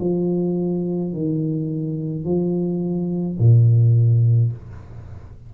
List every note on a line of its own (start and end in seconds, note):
0.00 1.13 F3
1.13 2.25 D#3
2.25 3.38 F3
3.39 4.52 A#2